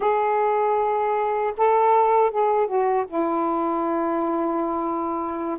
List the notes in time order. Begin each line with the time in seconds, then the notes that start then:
0.00 G#4
1.57 A4
2.30 G#4
2.66 F#4
3.07 E4